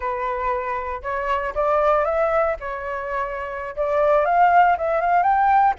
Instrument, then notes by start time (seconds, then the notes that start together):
flute
0.00 B4
1.02 C#5
1.54 D5
2.04 E5
2.60 C#5
3.76 D5
4.25 F5
4.77 E5
5.00 F5
5.22 G5